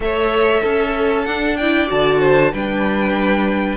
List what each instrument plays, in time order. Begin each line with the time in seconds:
0.00 cello A3, viola A4, violin C#5 E5
0.62 cello C#4, violin A4
1.25 cello D4, viola D4, violin F#5
1.56 viola E4, violin D5 G5
1.87 cello D3, viola F#4, violin A5
2.20 violin C5
2.52 cello G3, viola D4, violin B4 G5